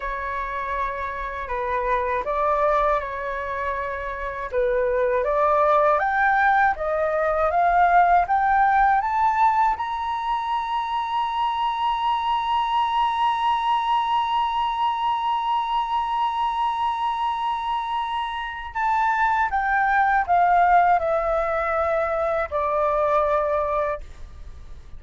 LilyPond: \new Staff \with { instrumentName = "flute" } { \time 4/4 \tempo 4 = 80 cis''2 b'4 d''4 | cis''2 b'4 d''4 | g''4 dis''4 f''4 g''4 | a''4 ais''2.~ |
ais''1~ | ais''1~ | ais''4 a''4 g''4 f''4 | e''2 d''2 | }